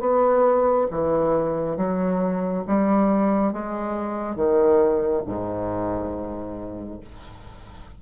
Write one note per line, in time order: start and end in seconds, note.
0.00 0.87 B3
0.91 1.77 E3
1.77 2.64 F#3
2.67 3.53 G3
3.53 4.35 G#3
4.35 5.22 D#3
5.26 7.00 G#2